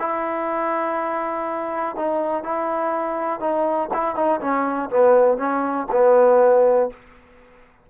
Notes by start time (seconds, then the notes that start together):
0.00 E4
1.96 D#4
2.44 E4
3.40 D#4
3.94 E4
4.16 D#4
4.40 C#4
4.90 B3
5.38 C#4
5.92 B3